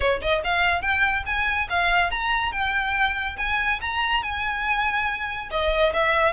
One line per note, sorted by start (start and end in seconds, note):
0.00 0.20 C#5
0.21 0.42 D#5
0.43 0.81 F5
0.81 1.23 G5
1.25 1.68 G#5
1.69 2.10 F5
2.10 2.52 A#5
2.52 3.36 G5
3.37 3.80 G#5
3.81 4.22 A#5
4.22 5.49 G#5
5.50 5.93 D#5
5.93 6.33 E5